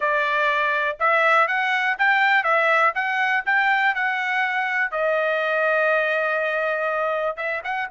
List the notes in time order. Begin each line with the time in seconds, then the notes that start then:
0.00 D5
0.99 E5
1.47 F#5
1.98 G5
2.43 E5
2.94 F#5
3.45 G5
3.94 F#5
4.91 D#5
7.36 E5
7.63 F#5